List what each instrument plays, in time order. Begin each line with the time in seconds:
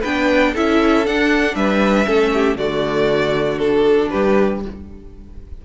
0.00 cello B3, viola D4, violin B4 G5
0.53 cello C#4, viola E4, violin A4 E5
1.05 viola D4, cello D4, violin F#5
1.55 cello G3, violin B4 E5
2.05 cello A3, viola C#4, violin A4
2.33 violin G4
2.55 cello D3, viola A3, violin F#4 D5
3.58 viola D4, violin A4
4.09 cello G3, violin G4 B4